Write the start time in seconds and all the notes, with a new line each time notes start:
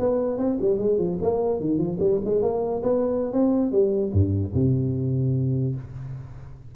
0.00 B3
0.38 C4
0.61 G3
0.79 G#3
0.98 F3
1.22 A#3
1.61 D#3
1.79 F3
2.00 G3
2.25 G#3
2.43 A#3
2.83 B3
3.33 C4
3.72 G3
4.13 G2
4.54 C3